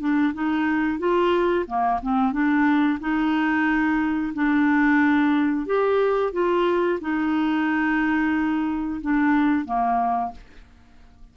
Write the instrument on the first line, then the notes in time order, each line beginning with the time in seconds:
clarinet
0.00 D4
0.33 D#4
0.99 F4
1.67 A#3
2.02 C4
2.32 D4
3.00 D#4
4.34 D4
5.66 G4
6.32 F4
7.01 D#4
9.01 D4
9.65 A#3